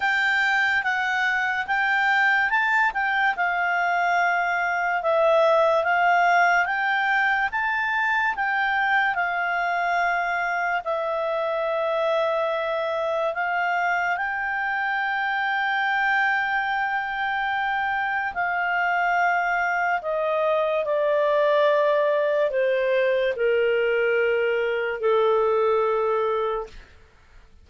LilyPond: \new Staff \with { instrumentName = "clarinet" } { \time 4/4 \tempo 4 = 72 g''4 fis''4 g''4 a''8 g''8 | f''2 e''4 f''4 | g''4 a''4 g''4 f''4~ | f''4 e''2. |
f''4 g''2.~ | g''2 f''2 | dis''4 d''2 c''4 | ais'2 a'2 | }